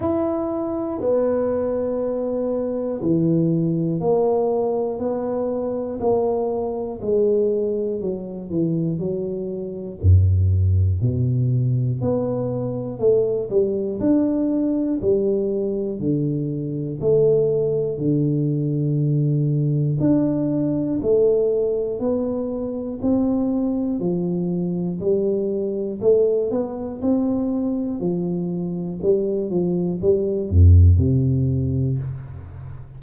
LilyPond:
\new Staff \with { instrumentName = "tuba" } { \time 4/4 \tempo 4 = 60 e'4 b2 e4 | ais4 b4 ais4 gis4 | fis8 e8 fis4 fis,4 b,4 | b4 a8 g8 d'4 g4 |
d4 a4 d2 | d'4 a4 b4 c'4 | f4 g4 a8 b8 c'4 | f4 g8 f8 g8 f,8 c4 | }